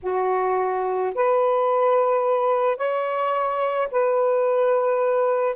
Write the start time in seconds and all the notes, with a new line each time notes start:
0.02 F#4
1.15 B4
2.77 C#5
3.91 B4